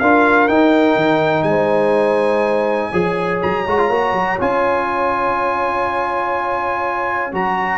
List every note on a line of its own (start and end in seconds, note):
0.00 0.49 D4
0.00 0.49 F4
0.00 1.47 A#4
0.00 0.48 F5
0.48 0.96 D#4
0.48 2.92 D#4
0.48 1.43 G5
0.96 1.43 D#3
1.43 2.90 G#3
1.43 2.91 C5
1.43 3.38 G#5
2.91 3.42 F3
2.91 3.66 G#4
2.91 7.78 C#5
3.42 3.67 F#3
3.42 4.40 A#5
3.67 3.89 G#3
3.67 3.79 F#4
3.79 3.91 F4
3.89 4.13 A#3
3.89 4.39 F#4
4.13 4.37 F#3
4.39 7.33 C#4
4.39 7.32 F4
4.39 7.34 G#5
7.32 7.78 F#3
7.32 7.78 F#4
7.32 7.78 A#5